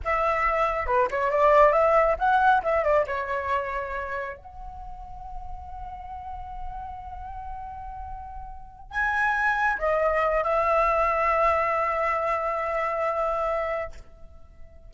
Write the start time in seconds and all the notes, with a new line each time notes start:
0.04 E5
0.86 B4
1.10 C#5
1.30 D5
1.72 E5
2.18 F#5
2.62 E5
2.83 D5
3.06 C#5
4.37 F#5
8.90 G#5
9.78 D#5
10.43 E5